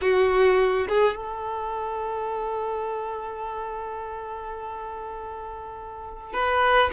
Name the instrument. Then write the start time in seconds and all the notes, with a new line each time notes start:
violin
0.01 F#4
0.88 G#4
1.16 A4
6.33 B4